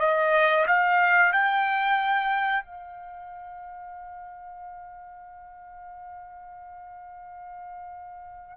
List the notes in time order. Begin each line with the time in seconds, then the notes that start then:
0.00 D#5
0.67 F5
1.33 G5
2.65 F5